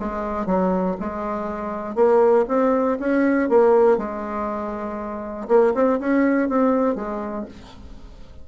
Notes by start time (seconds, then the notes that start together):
0.00 G#3
0.46 F#3
1.01 G#3
1.96 A#3
2.49 C4
3.00 C#4
3.50 A#3
3.98 G#3
5.49 A#3
5.75 C4
6.00 C#4
6.49 C4
6.96 G#3